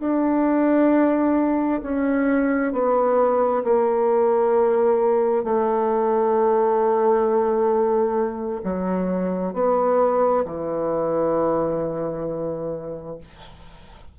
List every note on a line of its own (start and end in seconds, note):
0.00 1.82 D4
1.83 2.73 C#4
2.73 3.64 B3
3.64 5.44 A#3
5.44 8.62 A3
8.64 9.54 F#3
9.54 10.45 B3
10.46 13.19 E3